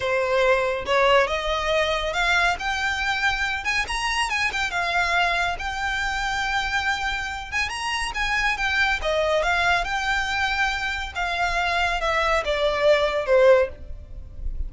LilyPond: \new Staff \with { instrumentName = "violin" } { \time 4/4 \tempo 4 = 140 c''2 cis''4 dis''4~ | dis''4 f''4 g''2~ | g''8 gis''8 ais''4 gis''8 g''8 f''4~ | f''4 g''2.~ |
g''4. gis''8 ais''4 gis''4 | g''4 dis''4 f''4 g''4~ | g''2 f''2 | e''4 d''2 c''4 | }